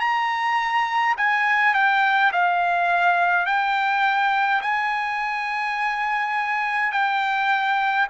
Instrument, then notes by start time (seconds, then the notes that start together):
trumpet
0.00 A#5
1.17 G#5
1.74 G5
2.32 F5
3.46 G5
4.62 G#5
6.92 G5